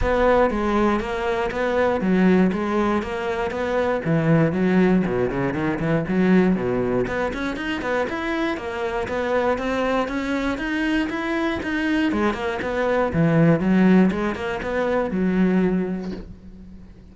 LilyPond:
\new Staff \with { instrumentName = "cello" } { \time 4/4 \tempo 4 = 119 b4 gis4 ais4 b4 | fis4 gis4 ais4 b4 | e4 fis4 b,8 cis8 dis8 e8 | fis4 b,4 b8 cis'8 dis'8 b8 |
e'4 ais4 b4 c'4 | cis'4 dis'4 e'4 dis'4 | gis8 ais8 b4 e4 fis4 | gis8 ais8 b4 fis2 | }